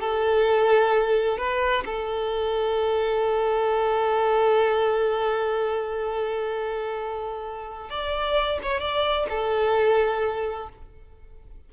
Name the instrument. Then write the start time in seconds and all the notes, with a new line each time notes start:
violin
0.00 A4
1.38 B4
1.85 A4
7.90 D5
8.63 C#5
8.80 D5
9.30 A4